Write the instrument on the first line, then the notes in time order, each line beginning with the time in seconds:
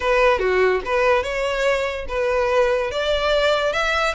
violin
0.00 B4
0.39 F#4
0.85 B4
1.23 C#5
2.08 B4
2.91 D5
3.73 E5